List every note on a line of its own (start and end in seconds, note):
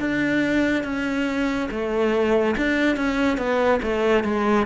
0.00 0.84 D4
0.84 1.68 C#4
1.71 2.55 A3
2.57 2.97 D4
2.97 3.38 C#4
3.38 3.80 B3
3.82 4.24 A3
4.24 4.66 G#3